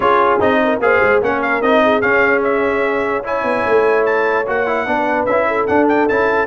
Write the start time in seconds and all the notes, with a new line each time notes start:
0.00 C#4 F4 G#4 C#5
0.39 C4 D#4 D#5
0.64 A#4
0.79 A#3 G#4 C5 F5
1.02 G#3
1.21 A#3 C#4 A#4 F#5
1.42 F5
1.61 C4 D#4 D#5
1.83 G#4
2.01 C#4 F5
2.43 E5
3.24 E4 C#5 G#5
3.43 B3
3.66 A3
4.05 A5
4.46 A#3 F#4 F#5
4.66 E4
4.86 B3 D4 B4
5.25 C#4 E4 E5
5.47 A4
5.67 D4 F#5
5.88 G5
6.08 C#4 E4 A5